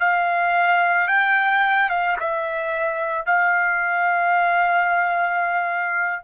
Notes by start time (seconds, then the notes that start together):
0.00 F5
1.08 G5
1.90 F5
2.20 E5
3.26 F5